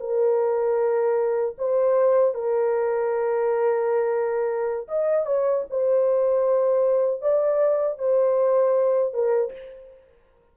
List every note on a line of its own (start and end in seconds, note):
0.00 1.56 A#4
1.58 2.34 C5
2.34 4.88 A#4
4.88 5.26 D#5
5.26 5.65 C#5
5.70 7.21 C5
7.21 7.98 D5
7.98 9.13 C5
9.13 9.52 A#4